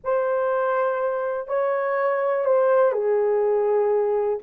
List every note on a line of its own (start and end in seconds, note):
0.04 1.47 C5
1.47 2.45 C#5
2.45 2.92 C5
2.92 4.38 G#4